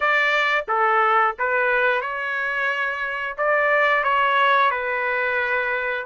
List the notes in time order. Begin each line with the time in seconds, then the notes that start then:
0.00 D5
0.68 A4
1.38 B4
2.01 C#5
3.37 D5
4.03 C#5
4.70 B4